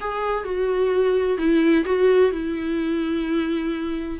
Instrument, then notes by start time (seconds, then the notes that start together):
viola
0.00 G#4
0.44 F#4
1.37 E4
1.85 F#4
2.31 E4